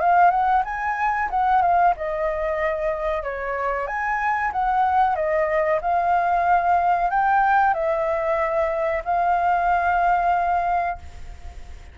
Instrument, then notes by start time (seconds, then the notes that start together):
flute
0.00 F5
0.30 F#5
0.65 G#5
1.30 F#5
1.62 F5
1.96 D#5
3.23 C#5
3.87 G#5
4.52 F#5
5.15 D#5
5.81 F5
7.10 G5
7.74 E5
9.04 F5